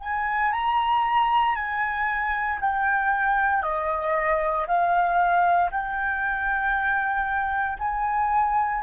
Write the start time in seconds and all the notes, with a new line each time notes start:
0.00 G#5
0.52 A#5
1.55 G#5
2.61 G5
3.63 D#5
4.67 F5
5.70 G5
7.79 G#5